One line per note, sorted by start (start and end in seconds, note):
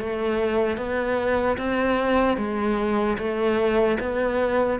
0.00 0.78 A3
0.78 1.58 B3
1.58 2.37 C4
2.37 3.17 G#3
3.19 3.99 A3
4.00 4.80 B3